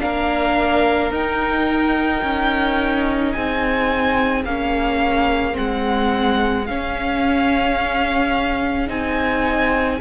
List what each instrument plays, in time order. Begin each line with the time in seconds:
0.00 cello A#3, viola D4, violin A#4 F5
1.11 cello D#4, viola D#4, violin G5
2.23 cello C#4
3.32 cello C4, violin G#4 G#5
4.45 cello A#3, viola C#4, violin F5
5.53 viola C4, violin F#5
5.59 cello G#3
6.66 viola C#4, cello C#4, violin F5
8.87 cello C4, viola D#4, violin G#5